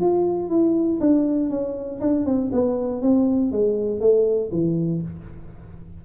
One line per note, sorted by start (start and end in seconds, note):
0.00 0.49 F4
0.49 0.99 E4
1.00 1.50 D4
1.50 2.00 C#4
2.00 2.25 D4
2.25 2.50 C4
2.52 3.01 B3
3.01 3.51 C4
3.51 4.00 G#3
4.00 4.50 A3
4.51 5.01 E3